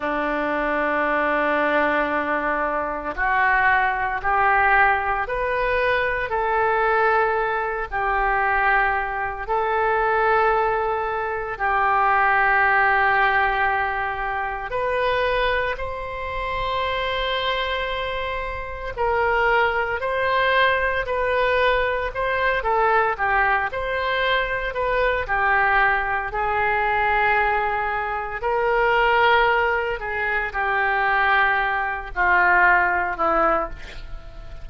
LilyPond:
\new Staff \with { instrumentName = "oboe" } { \time 4/4 \tempo 4 = 57 d'2. fis'4 | g'4 b'4 a'4. g'8~ | g'4 a'2 g'4~ | g'2 b'4 c''4~ |
c''2 ais'4 c''4 | b'4 c''8 a'8 g'8 c''4 b'8 | g'4 gis'2 ais'4~ | ais'8 gis'8 g'4. f'4 e'8 | }